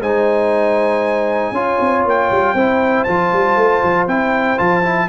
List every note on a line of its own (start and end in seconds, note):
0.00 1.51 G#3
0.00 1.54 D#4
0.00 1.53 C5
0.00 2.05 G#5
1.51 1.76 C#4
1.51 2.56 F4
1.51 2.54 C#5
1.80 2.05 C4
2.05 2.30 A#3
2.05 3.03 G5
2.31 2.53 G3
2.53 3.04 C4
2.53 3.07 E4
2.53 5.08 C5
3.03 3.32 F3
3.03 4.08 F4
3.03 4.05 A5
3.32 3.56 G3
3.56 3.81 A3
3.83 4.07 F3
4.07 4.58 C4
4.07 4.57 E4
4.07 4.58 G5
4.57 5.08 F3
4.57 4.82 F4
4.57 5.08 A5
4.83 5.08 E4